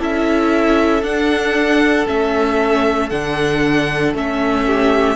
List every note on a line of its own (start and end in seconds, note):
0.00 1.03 C#4
0.00 1.03 E4
0.00 4.66 A4
0.00 1.04 E5
1.03 2.06 D4
1.03 2.08 F#5
2.07 3.11 A3
2.07 3.10 C#4
2.07 3.10 E5
3.10 4.14 D3
3.10 4.16 D4
3.10 4.14 F#5
4.14 5.17 A3
4.14 5.17 C#4
4.14 5.17 E5
4.66 5.17 G4